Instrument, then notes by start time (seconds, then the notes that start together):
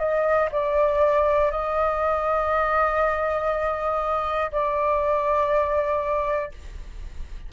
flute
0.00 D#5
0.52 D5
1.51 D#5
4.52 D5